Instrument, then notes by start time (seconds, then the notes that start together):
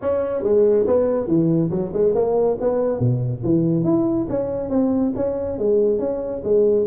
tuba
0.01 C#4
0.43 G#3
0.86 B3
1.27 E3
1.70 F#3
1.93 G#3
2.14 A#3
2.60 B3
2.99 B2
3.43 E3
3.84 E4
4.29 C#4
4.69 C4
5.15 C#4
5.58 G#3
5.99 C#4
6.44 G#3